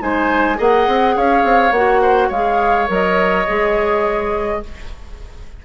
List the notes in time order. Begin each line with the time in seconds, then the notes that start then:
0.00 G#3 D#4 C5 G#5
0.56 A#3 G#4 D#5 F#5
0.87 C4
1.16 C#4 C#5 F5
1.44 C4
1.72 A#3 F#4 F#5
2.01 C5
2.28 G#3 G#4 C#5 F5
2.87 F#3 A#4 D#5
3.47 G#3 G#4